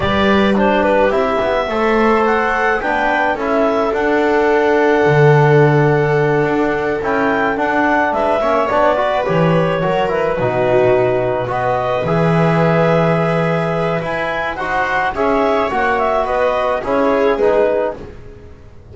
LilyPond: <<
  \new Staff \with { instrumentName = "clarinet" } { \time 4/4 \tempo 4 = 107 d''4 c''8 b'8 e''2 | fis''4 g''4 e''4 fis''4~ | fis''1~ | fis''8 g''4 fis''4 e''4 d''8~ |
d''8 cis''4. b'2~ | b'8 dis''4 e''2~ e''8~ | e''4 gis''4 fis''4 e''4 | fis''8 e''8 dis''4 cis''4 b'4 | }
  \new Staff \with { instrumentName = "viola" } { \time 4/4 b'4 g'2 c''4~ | c''4 b'4 a'2~ | a'1~ | a'2~ a'8 b'8 cis''4 |
b'4. ais'4 fis'4.~ | fis'8 b'2.~ b'8~ | b'2 c''4 cis''4~ | cis''4 b'4 gis'2 | }
  \new Staff \with { instrumentName = "trombone" } { \time 4/4 g'4 d'4 e'4 a'4~ | a'4 d'4 e'4 d'4~ | d'1~ | d'8 e'4 d'4. cis'8 d'8 |
fis'8 g'4 fis'8 e'8 dis'4.~ | dis'8 fis'4 gis'2~ gis'8~ | gis'4 e'4 fis'4 gis'4 | fis'2 e'4 dis'4 | }
  \new Staff \with { instrumentName = "double bass" } { \time 4/4 g2 c'8 b8 a4~ | a4 b4 cis'4 d'4~ | d'4 d2~ d8 d'8~ | d'8 cis'4 d'4 gis8 ais8 b8~ |
b8 e4 fis4 b,4.~ | b,8 b4 e2~ e8~ | e4 e'4 dis'4 cis'4 | ais4 b4 cis'4 gis4 | }
>>